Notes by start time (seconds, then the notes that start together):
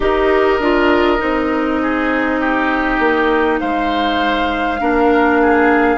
0.00 D#4 G4 A#4 D#5
0.59 D4 F4
1.18 C4 D#4
1.82 G#4
2.40 G4
2.99 A#3
3.60 G#3 C5 F5
4.80 A#3 D4 A#4
5.41 G#4